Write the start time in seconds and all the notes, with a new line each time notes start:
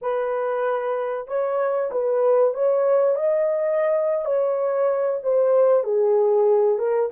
0.01 B4
1.27 C#5
1.91 B4
2.53 C#5
3.15 D#5
4.25 C#5
5.22 C5
5.83 G#4
6.78 A#4